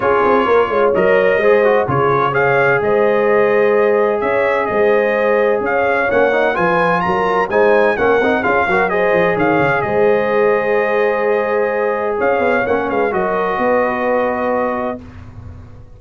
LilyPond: <<
  \new Staff \with { instrumentName = "trumpet" } { \time 4/4 \tempo 4 = 128 cis''2 dis''2 | cis''4 f''4 dis''2~ | dis''4 e''4 dis''2 | f''4 fis''4 gis''4 ais''4 |
gis''4 fis''4 f''4 dis''4 | f''4 dis''2.~ | dis''2 f''4 fis''8 f''8 | dis''1 | }
  \new Staff \with { instrumentName = "horn" } { \time 4/4 gis'4 ais'8 cis''4. c''4 | gis'4 cis''4 c''2~ | c''4 cis''4 c''2 | cis''2 b'4 ais'4 |
c''4 ais'4 gis'8 ais'8 c''4 | cis''4 c''2.~ | c''2 cis''4. b'8 | ais'4 b'2. | }
  \new Staff \with { instrumentName = "trombone" } { \time 4/4 f'2 ais'4 gis'8 fis'8 | f'4 gis'2.~ | gis'1~ | gis'4 cis'8 dis'8 f'2 |
dis'4 cis'8 dis'8 f'8 fis'8 gis'4~ | gis'1~ | gis'2. cis'4 | fis'1 | }
  \new Staff \with { instrumentName = "tuba" } { \time 4/4 cis'8 c'8 ais8 gis8 fis4 gis4 | cis2 gis2~ | gis4 cis'4 gis2 | cis'4 ais4 f4 fis4 |
gis4 ais8 c'8 cis'8 fis4 f8 | dis8 cis8 gis2.~ | gis2 cis'8 b8 ais8 gis8 | fis4 b2. | }
>>